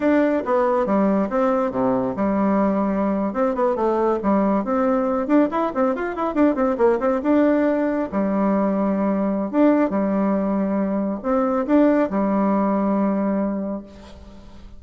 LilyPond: \new Staff \with { instrumentName = "bassoon" } { \time 4/4 \tempo 4 = 139 d'4 b4 g4 c'4 | c4 g2~ g8. c'16~ | c'16 b8 a4 g4 c'4~ c'16~ | c'16 d'8 e'8 c'8 f'8 e'8 d'8 c'8 ais16~ |
ais16 c'8 d'2 g4~ g16~ | g2 d'4 g4~ | g2 c'4 d'4 | g1 | }